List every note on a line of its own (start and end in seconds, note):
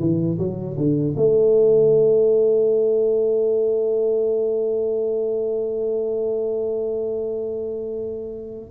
0.00 0.38 E3
0.39 0.77 F#3
0.77 1.15 D3
1.17 8.71 A3